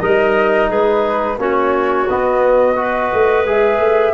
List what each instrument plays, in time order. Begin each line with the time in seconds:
0.00 tuba G3, trombone D#4, clarinet A#4, flute D#5
0.69 tuba G#3, clarinet G#4, flute B4
1.38 tuba A#3, trombone C#4, clarinet F#4, flute C#5
2.08 tuba B3, trombone B3, flute D#5
2.76 trombone F#4, clarinet B4
3.13 tuba A3
3.45 tuba G#3, trombone G#4, flute E5
3.79 tuba A3